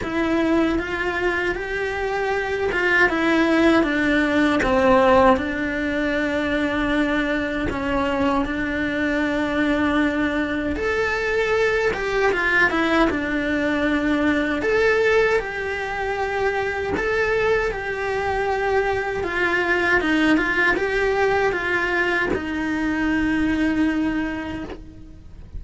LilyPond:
\new Staff \with { instrumentName = "cello" } { \time 4/4 \tempo 4 = 78 e'4 f'4 g'4. f'8 | e'4 d'4 c'4 d'4~ | d'2 cis'4 d'4~ | d'2 a'4. g'8 |
f'8 e'8 d'2 a'4 | g'2 a'4 g'4~ | g'4 f'4 dis'8 f'8 g'4 | f'4 dis'2. | }